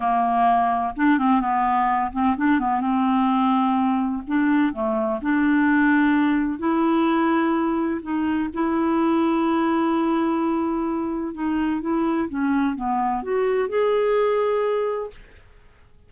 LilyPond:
\new Staff \with { instrumentName = "clarinet" } { \time 4/4 \tempo 4 = 127 ais2 d'8 c'8 b4~ | b8 c'8 d'8 b8 c'2~ | c'4 d'4 a4 d'4~ | d'2 e'2~ |
e'4 dis'4 e'2~ | e'1 | dis'4 e'4 cis'4 b4 | fis'4 gis'2. | }